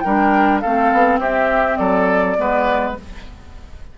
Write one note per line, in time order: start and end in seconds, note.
0.00 0.63 G3
0.00 0.62 D4
0.00 0.61 A#4
0.00 0.58 G5
0.60 0.92 A3
0.60 2.37 C4
0.60 1.19 A4
0.60 1.19 F5
0.92 1.18 B3
1.18 1.76 C4
1.18 1.78 G4
1.18 1.76 E5
1.76 2.37 F#3
1.76 2.36 A4
1.76 2.93 D5
2.37 2.97 G#3
2.37 2.95 B3
2.37 2.98 B4